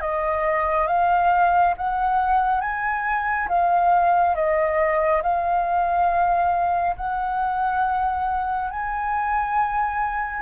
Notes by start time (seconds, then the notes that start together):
0.00 D#5
0.87 F5
1.77 F#5
2.60 G#5
3.48 F5
4.35 D#5
5.22 F5
6.96 F#5
8.70 G#5